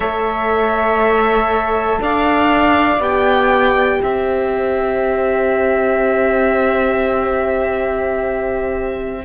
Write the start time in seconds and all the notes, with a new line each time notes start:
0.00 A3 A4 C#5 E5
2.00 D4 D5 F5
2.99 B3 G4 G5
3.99 C4 C5 E5